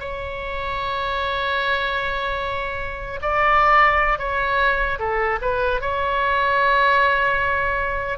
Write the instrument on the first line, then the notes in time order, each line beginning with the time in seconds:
oboe
0.00 C#5
3.22 D5
4.19 C#5
4.99 A4
5.42 B4
5.81 C#5